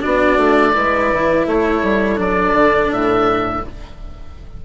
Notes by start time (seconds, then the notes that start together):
0.00 B3 D4 F#4 D5
0.37 A3
0.73 G#3 E4 B4
1.12 E3
1.45 A3 A4 C#5
1.83 G3
2.15 F#3 D4 D5
2.52 D3
2.92 A2 E5